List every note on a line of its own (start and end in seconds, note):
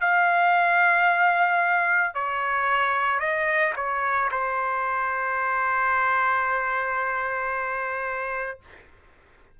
0.00 2.14 F5
2.14 3.19 C#5
3.19 3.73 D#5
3.76 4.30 C#5
4.31 8.59 C5